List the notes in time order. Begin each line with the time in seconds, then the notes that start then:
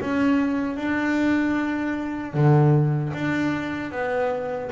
0.00 C#4
0.76 D4
2.34 D3
3.13 D4
3.92 B3